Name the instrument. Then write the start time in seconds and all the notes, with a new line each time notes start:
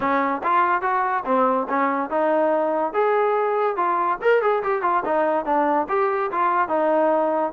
trombone
0.00 C#4
0.43 F4
0.81 F#4
1.25 C4
1.69 C#4
2.10 D#4
2.93 G#4
3.76 F4
4.21 A#4
4.42 G#4
4.63 G4
4.82 F4
5.05 D#4
5.45 D4
5.88 G4
6.31 F4
6.68 D#4